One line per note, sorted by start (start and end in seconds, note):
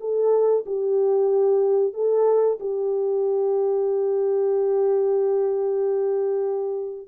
0.00 0.65 A4
0.66 1.94 G4
1.94 2.58 A4
2.60 7.08 G4